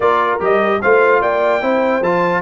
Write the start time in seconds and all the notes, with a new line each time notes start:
0.00 A#3 F4 A#4 D5
0.39 G3 G4 D#5
0.81 A3 F4 C5 F5
1.21 A#3 D5 G5
1.61 C4 E4 C5
2.01 F3 F4 A5